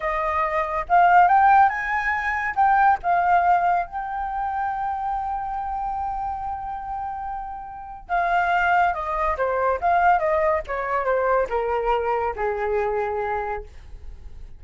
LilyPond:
\new Staff \with { instrumentName = "flute" } { \time 4/4 \tempo 4 = 141 dis''2 f''4 g''4 | gis''2 g''4 f''4~ | f''4 g''2.~ | g''1~ |
g''2. f''4~ | f''4 dis''4 c''4 f''4 | dis''4 cis''4 c''4 ais'4~ | ais'4 gis'2. | }